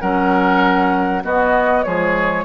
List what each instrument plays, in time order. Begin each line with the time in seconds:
0.00 bassoon F#3, clarinet C#4, oboe A#4, flute F#5
1.22 clarinet B3, bassoon B3, oboe F#4, flute D#5
1.83 bassoon F3, clarinet G#3, oboe G#4, flute C#5